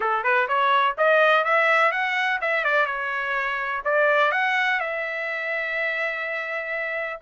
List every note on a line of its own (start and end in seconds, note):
0.00 0.23 A4
0.23 0.47 B4
0.48 0.96 C#5
0.97 1.44 D#5
1.44 1.91 E5
1.91 2.39 F#5
2.41 2.64 E5
2.64 2.86 D5
2.86 3.82 C#5
3.84 4.31 D5
4.31 4.79 F#5
4.79 7.19 E5